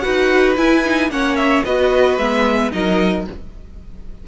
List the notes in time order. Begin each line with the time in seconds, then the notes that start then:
0.00 F#4 B4 F#5
0.06 D#4
0.58 E4 G#5
0.85 D#4
1.10 A#3 C#4 C#5 F#5
1.37 E5
1.65 B3 F#4 B4 D#5
2.18 G#3 B3 E5
2.72 F#3 D#4 A#4 D#5